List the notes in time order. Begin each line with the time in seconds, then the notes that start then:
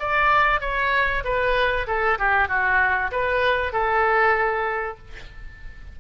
0.00 D5
0.61 C#5
1.24 B4
1.87 A4
2.18 G4
2.48 F#4
3.12 B4
3.73 A4